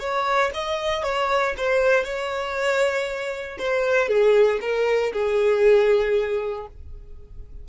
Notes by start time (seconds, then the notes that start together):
0.00 C#5
0.54 D#5
1.04 C#5
1.58 C5
2.05 C#5
3.59 C5
4.09 G#4
4.62 A#4
5.13 G#4